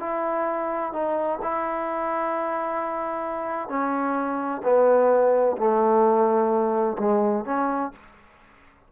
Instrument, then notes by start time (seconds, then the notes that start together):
trombone
0.00 E4
0.93 D#4
1.42 E4
3.69 C#4
4.63 B3
5.58 A3
6.99 G#3
7.45 C#4